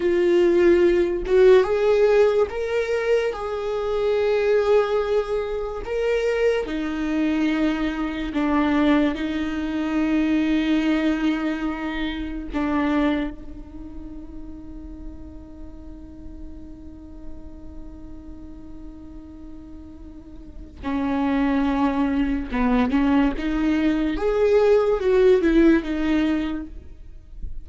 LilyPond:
\new Staff \with { instrumentName = "viola" } { \time 4/4 \tempo 4 = 72 f'4. fis'8 gis'4 ais'4 | gis'2. ais'4 | dis'2 d'4 dis'4~ | dis'2. d'4 |
dis'1~ | dis'1~ | dis'4 cis'2 b8 cis'8 | dis'4 gis'4 fis'8 e'8 dis'4 | }